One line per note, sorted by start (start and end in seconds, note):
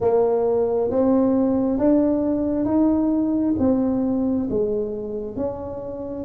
0.00 0.90 A#3
0.90 1.78 C4
1.78 2.65 D4
2.65 3.55 D#4
3.58 4.48 C4
4.49 5.36 G#3
5.36 6.24 C#4